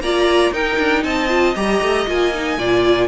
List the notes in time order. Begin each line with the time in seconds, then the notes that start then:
0.00 A#3 F4 D5 A#5
0.52 D#4 A#4 G5
0.79 D4
1.04 C4 D#5 A5
1.29 F4
1.56 G3 G4 A#5
1.82 A3
2.08 A#3 F4 G#5
2.34 D#4
2.58 A#2 F4 D5